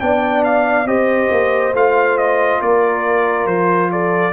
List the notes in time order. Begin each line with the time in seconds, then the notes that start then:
0.00 B3 D4 D5 G5
0.44 F5
0.85 C4 G4 C5 D#5
1.31 A#3
1.73 A3 F4 F5
2.18 D#5
2.60 A#3 A#4 D5
3.46 F3 C5
3.92 A4 D5